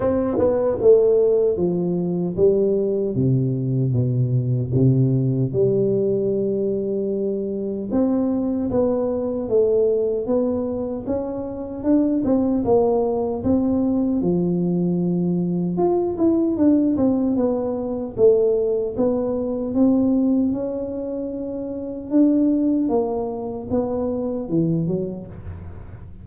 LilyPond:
\new Staff \with { instrumentName = "tuba" } { \time 4/4 \tempo 4 = 76 c'8 b8 a4 f4 g4 | c4 b,4 c4 g4~ | g2 c'4 b4 | a4 b4 cis'4 d'8 c'8 |
ais4 c'4 f2 | f'8 e'8 d'8 c'8 b4 a4 | b4 c'4 cis'2 | d'4 ais4 b4 e8 fis8 | }